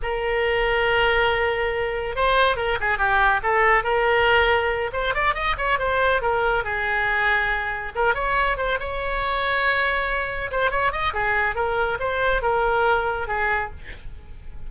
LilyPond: \new Staff \with { instrumentName = "oboe" } { \time 4/4 \tempo 4 = 140 ais'1~ | ais'4 c''4 ais'8 gis'8 g'4 | a'4 ais'2~ ais'8 c''8 | d''8 dis''8 cis''8 c''4 ais'4 gis'8~ |
gis'2~ gis'8 ais'8 cis''4 | c''8 cis''2.~ cis''8~ | cis''8 c''8 cis''8 dis''8 gis'4 ais'4 | c''4 ais'2 gis'4 | }